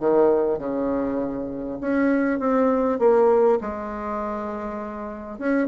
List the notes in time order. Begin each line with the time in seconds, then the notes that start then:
0.00 D#3
0.59 C#3
1.81 C#4
2.40 C4
2.99 A#3
3.61 G#3
5.39 C#4